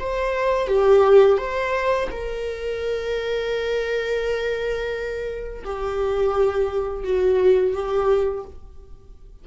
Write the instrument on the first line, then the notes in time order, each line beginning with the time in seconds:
viola
0.00 C5
0.68 G4
1.38 C5
2.11 A#4
5.65 G4
7.04 F#4
7.74 G4